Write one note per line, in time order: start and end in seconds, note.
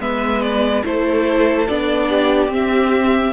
0.00 0.83 G#3
0.00 0.84 B3
0.00 0.85 B4
0.00 0.42 E5
0.42 0.84 D5
0.85 1.68 A3
0.85 1.68 E4
0.85 2.09 A4
0.85 1.68 C5
1.68 2.49 B3
1.68 2.48 D4
1.68 2.51 D5
2.09 3.34 G4
2.48 3.32 C4
2.48 3.34 E5